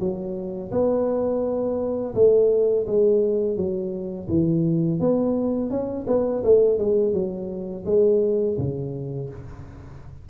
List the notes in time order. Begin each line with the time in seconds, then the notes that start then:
0.00 F#3
0.72 B3
2.15 A3
2.87 G#3
3.57 F#3
4.29 E3
5.00 B3
5.70 C#4
6.07 B3
6.44 A3
6.79 G#3
7.14 F#3
7.86 G#3
8.58 C#3